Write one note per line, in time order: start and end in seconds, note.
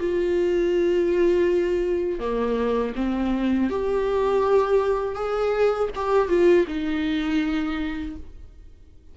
0.00 2.20 F4
2.20 2.94 A#3
2.96 3.70 C4
3.70 5.15 G4
5.15 5.89 G#4
5.96 6.29 G4
6.29 6.66 F4
6.68 8.16 D#4